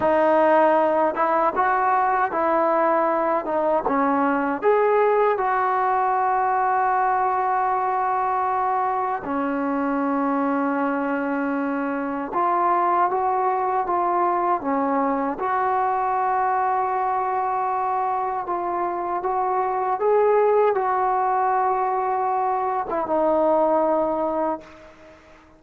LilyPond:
\new Staff \with { instrumentName = "trombone" } { \time 4/4 \tempo 4 = 78 dis'4. e'8 fis'4 e'4~ | e'8 dis'8 cis'4 gis'4 fis'4~ | fis'1 | cis'1 |
f'4 fis'4 f'4 cis'4 | fis'1 | f'4 fis'4 gis'4 fis'4~ | fis'4.~ fis'16 e'16 dis'2 | }